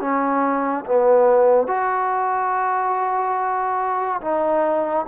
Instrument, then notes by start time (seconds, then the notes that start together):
trombone
0.00 C#4
0.85 B3
1.67 F#4
4.21 D#4